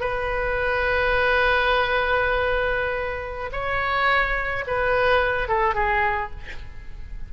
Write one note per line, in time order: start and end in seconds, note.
0.00 3.50 B4
3.52 4.64 C#5
4.67 5.48 B4
5.48 5.74 A4
5.74 6.30 G#4